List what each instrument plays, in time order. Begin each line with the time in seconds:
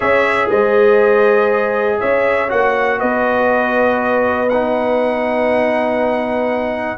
0.00 tuba C#4, trombone G#4, horn C#5, trumpet E5
0.49 tuba G#3, horn C5, trumpet D#5
2.00 tuba C#4, horn C#5, trumpet E5
2.48 tuba A#3, trombone F#4, trumpet F#5
2.98 tuba B3, horn B4, trumpet D#5
4.49 trombone D#4, trumpet F#5